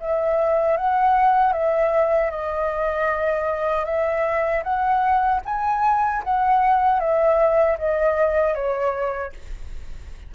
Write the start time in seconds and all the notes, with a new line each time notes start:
0.00 E5
0.77 F#5
1.53 E5
2.31 D#5
3.85 E5
4.63 F#5
5.45 G#5
6.24 F#5
7.00 E5
7.79 D#5
8.55 C#5